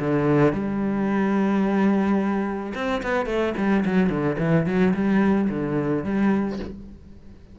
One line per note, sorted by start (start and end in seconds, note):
0.00 0.53 D3
0.53 2.73 G3
2.75 3.02 C4
3.03 3.26 B3
3.26 3.54 A3
3.57 3.85 G3
3.85 4.10 F#3
4.10 4.37 D3
4.39 4.66 E3
4.66 4.94 F#3
4.94 5.49 G3
5.49 6.05 D3
6.05 6.60 G3